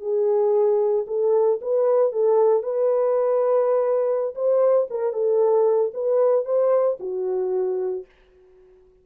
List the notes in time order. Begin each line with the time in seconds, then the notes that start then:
0.00 G#4
1.07 A4
1.61 B4
2.12 A4
2.63 B4
4.35 C5
4.90 A#4
5.13 A4
5.94 B4
6.45 C5
7.00 F#4